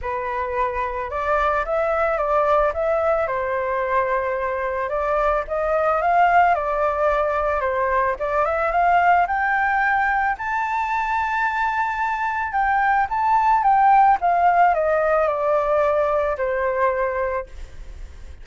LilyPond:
\new Staff \with { instrumentName = "flute" } { \time 4/4 \tempo 4 = 110 b'2 d''4 e''4 | d''4 e''4 c''2~ | c''4 d''4 dis''4 f''4 | d''2 c''4 d''8 e''8 |
f''4 g''2 a''4~ | a''2. g''4 | a''4 g''4 f''4 dis''4 | d''2 c''2 | }